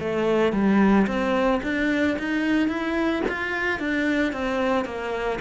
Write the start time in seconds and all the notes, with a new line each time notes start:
0.00 A3
0.53 G3
1.07 C4
1.63 D4
2.19 D#4
2.69 E4
3.29 F4
3.79 D4
4.33 C4
4.85 A#3